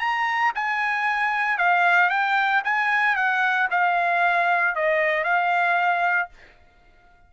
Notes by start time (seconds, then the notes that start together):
0.00 A#5
0.56 G#5
1.58 F5
2.10 G5
2.65 G#5
3.16 F#5
3.71 F5
4.76 D#5
5.24 F5